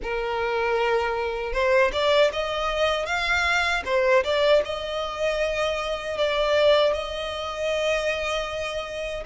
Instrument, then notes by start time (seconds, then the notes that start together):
violin
0.02 A#4
1.52 C5
1.92 D5
2.33 D#5
3.06 F5
3.85 C5
4.23 D5
4.64 D#5
6.17 D5
6.93 D#5